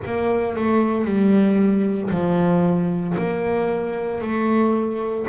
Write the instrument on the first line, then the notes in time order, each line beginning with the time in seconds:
double bass
0.05 A#3
0.55 A3
1.04 G3
2.10 F3
3.17 A#3
4.21 A3